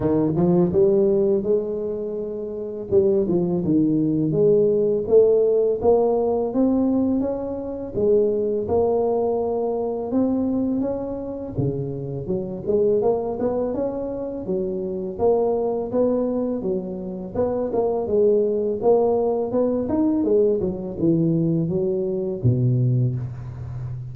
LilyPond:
\new Staff \with { instrumentName = "tuba" } { \time 4/4 \tempo 4 = 83 dis8 f8 g4 gis2 | g8 f8 dis4 gis4 a4 | ais4 c'4 cis'4 gis4 | ais2 c'4 cis'4 |
cis4 fis8 gis8 ais8 b8 cis'4 | fis4 ais4 b4 fis4 | b8 ais8 gis4 ais4 b8 dis'8 | gis8 fis8 e4 fis4 b,4 | }